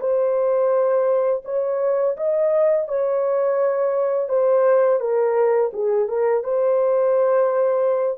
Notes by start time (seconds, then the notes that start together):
0.00 C5
1.45 C#5
2.17 D#5
2.88 C#5
4.29 C5
5.00 A#4
5.73 G#4
6.08 A#4
6.44 C5